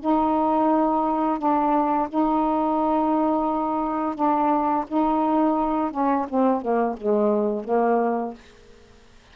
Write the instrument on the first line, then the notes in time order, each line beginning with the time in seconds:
saxophone
0.00 D#4
1.38 D4
2.09 D#4
4.14 D4
4.88 D#4
5.91 C#4
6.29 C4
6.61 A#3
6.97 G#3
7.64 A#3